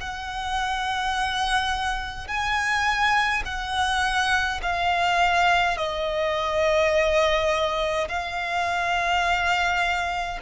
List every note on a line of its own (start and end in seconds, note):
0.00 2.27 F#5
2.27 3.42 G#5
3.45 4.60 F#5
4.62 5.77 F5
5.77 8.08 D#5
8.08 10.39 F5